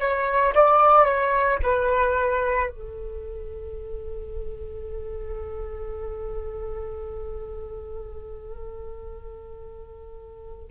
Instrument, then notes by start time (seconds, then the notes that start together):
flute
0.00 C#5
0.55 D5
1.05 C#5
1.63 B4
2.70 A4